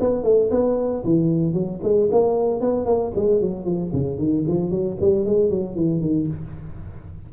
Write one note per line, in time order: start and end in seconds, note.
0.00 0.23 B3
0.23 0.50 A3
0.50 1.03 B3
1.05 1.53 E3
1.53 1.79 F#3
1.83 2.09 G#3
2.11 2.60 A#3
2.60 2.85 B3
2.85 3.12 A#3
3.15 3.41 G#3
3.41 3.65 F#3
3.65 3.91 F3
3.93 4.18 C#3
4.18 4.44 D#3
4.47 4.71 F3
4.71 4.97 F#3
5.00 5.25 G3
5.25 5.50 G#3
5.50 5.75 F#3
5.75 6.01 E3
6.01 6.27 D#3